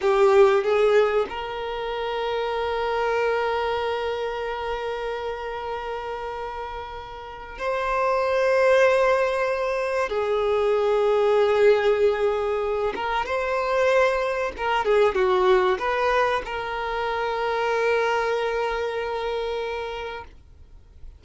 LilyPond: \new Staff \with { instrumentName = "violin" } { \time 4/4 \tempo 4 = 95 g'4 gis'4 ais'2~ | ais'1~ | ais'1 | c''1 |
gis'1~ | gis'8 ais'8 c''2 ais'8 gis'8 | fis'4 b'4 ais'2~ | ais'1 | }